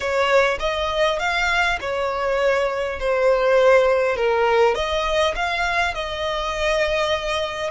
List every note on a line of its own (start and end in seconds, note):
0.00 0.58 C#5
0.59 1.19 D#5
1.19 1.78 F5
1.81 2.99 C#5
2.99 4.16 C5
4.16 4.74 A#4
4.74 5.34 D#5
5.35 5.94 F5
5.94 7.70 D#5